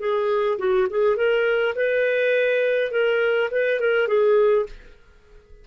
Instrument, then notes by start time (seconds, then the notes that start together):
clarinet
0.00 G#4
0.59 F#4
0.90 G#4
1.17 A#4
1.76 B4
2.92 A#4
3.51 B4
3.80 A#4
4.08 G#4